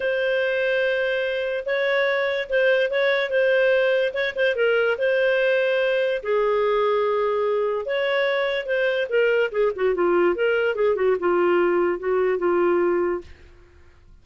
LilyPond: \new Staff \with { instrumentName = "clarinet" } { \time 4/4 \tempo 4 = 145 c''1 | cis''2 c''4 cis''4 | c''2 cis''8 c''8 ais'4 | c''2. gis'4~ |
gis'2. cis''4~ | cis''4 c''4 ais'4 gis'8 fis'8 | f'4 ais'4 gis'8 fis'8 f'4~ | f'4 fis'4 f'2 | }